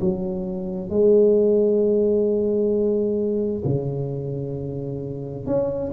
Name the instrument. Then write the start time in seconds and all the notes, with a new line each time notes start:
tuba
0.00 F#3
0.89 G#3
3.64 C#3
5.46 C#4